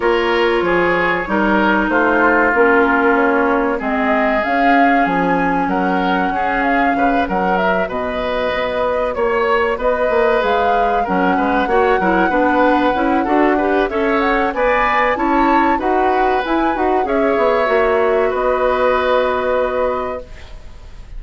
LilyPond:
<<
  \new Staff \with { instrumentName = "flute" } { \time 4/4 \tempo 4 = 95 cis''2. c''4 | ais'4 cis''4 dis''4 f''4 | gis''4 fis''4. f''4 fis''8 | e''8 dis''2 cis''4 dis''8~ |
dis''8 f''4 fis''2~ fis''8~ | fis''2 e''8 fis''8 gis''4 | a''4 fis''4 gis''8 fis''8 e''4~ | e''4 dis''2. | }
  \new Staff \with { instrumentName = "oboe" } { \time 4/4 ais'4 gis'4 ais'4 f'4~ | f'2 gis'2~ | gis'4 ais'4 gis'4 b'8 ais'8~ | ais'8 b'2 cis''4 b'8~ |
b'4. ais'8 b'8 cis''8 ais'8 b'8~ | b'4 a'8 b'8 cis''4 d''4 | cis''4 b'2 cis''4~ | cis''4 b'2. | }
  \new Staff \with { instrumentName = "clarinet" } { \time 4/4 f'2 dis'2 | cis'2 c'4 cis'4~ | cis'1 | fis'1~ |
fis'8 gis'4 cis'4 fis'8 e'8 d'8~ | d'8 e'8 fis'8 g'8 a'4 b'4 | e'4 fis'4 e'8 fis'8 gis'4 | fis'1 | }
  \new Staff \with { instrumentName = "bassoon" } { \time 4/4 ais4 f4 g4 a4 | ais2 gis4 cis'4 | f4 fis4 cis'4 cis8 fis8~ | fis8 b,4 b4 ais4 b8 |
ais8 gis4 fis8 gis8 ais8 fis8 b8~ | b8 cis'8 d'4 cis'4 b4 | cis'4 dis'4 e'8 dis'8 cis'8 b8 | ais4 b2. | }
>>